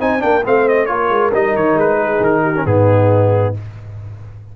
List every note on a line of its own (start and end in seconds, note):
0.00 0.23 C4
0.00 0.20 D#4
0.00 0.22 C5
0.00 0.22 G#5
0.20 0.46 A#3
0.20 0.42 D4
0.20 0.45 A#4
0.20 0.44 G5
0.44 0.90 A3
0.44 0.88 C4
0.44 0.89 C5
0.44 0.69 F5
0.69 0.86 D#5
0.86 1.10 A#3
0.86 1.32 F4
0.86 2.00 A#4
0.86 1.30 C#5
1.10 1.32 G#3
1.34 1.55 G3
1.34 2.56 D#4
1.34 1.56 D#5
1.55 1.75 D#3
1.55 1.79 C#5
1.75 2.19 G#3
1.75 2.24 B4
2.00 2.42 G#4
2.21 2.65 D#3
2.21 2.66 A#4
2.42 2.65 G4
2.56 2.66 C#4
2.66 3.55 G#2
2.66 3.55 B3
2.66 3.57 D#4
2.66 3.55 G#4